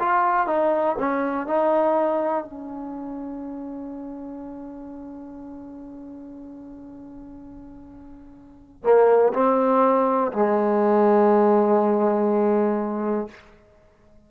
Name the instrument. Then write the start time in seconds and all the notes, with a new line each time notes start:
trombone
0.00 F4
0.47 D#4
0.99 C#4
1.48 D#4
2.45 C#4
8.84 A#3
9.34 C4
10.33 G#3